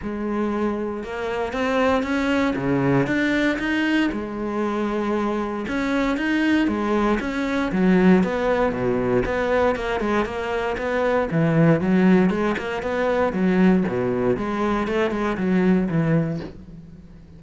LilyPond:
\new Staff \with { instrumentName = "cello" } { \time 4/4 \tempo 4 = 117 gis2 ais4 c'4 | cis'4 cis4 d'4 dis'4 | gis2. cis'4 | dis'4 gis4 cis'4 fis4 |
b4 b,4 b4 ais8 gis8 | ais4 b4 e4 fis4 | gis8 ais8 b4 fis4 b,4 | gis4 a8 gis8 fis4 e4 | }